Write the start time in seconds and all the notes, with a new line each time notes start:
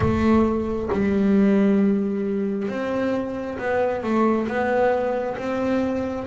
0.00 A3
0.92 G3
2.68 C4
3.58 B3
4.03 A3
4.47 B3
5.37 C4